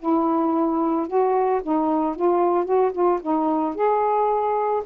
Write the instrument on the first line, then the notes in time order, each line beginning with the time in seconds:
saxophone
0.00 E4
1.08 F#4
1.63 D#4
2.16 F4
2.65 F#4
2.93 F4
3.22 D#4
3.75 G#4